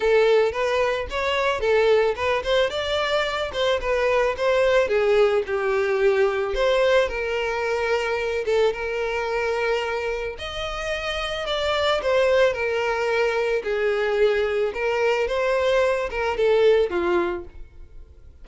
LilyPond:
\new Staff \with { instrumentName = "violin" } { \time 4/4 \tempo 4 = 110 a'4 b'4 cis''4 a'4 | b'8 c''8 d''4. c''8 b'4 | c''4 gis'4 g'2 | c''4 ais'2~ ais'8 a'8 |
ais'2. dis''4~ | dis''4 d''4 c''4 ais'4~ | ais'4 gis'2 ais'4 | c''4. ais'8 a'4 f'4 | }